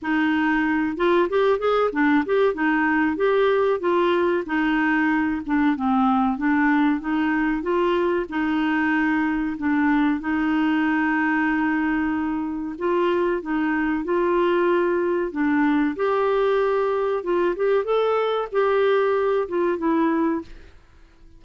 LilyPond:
\new Staff \with { instrumentName = "clarinet" } { \time 4/4 \tempo 4 = 94 dis'4. f'8 g'8 gis'8 d'8 g'8 | dis'4 g'4 f'4 dis'4~ | dis'8 d'8 c'4 d'4 dis'4 | f'4 dis'2 d'4 |
dis'1 | f'4 dis'4 f'2 | d'4 g'2 f'8 g'8 | a'4 g'4. f'8 e'4 | }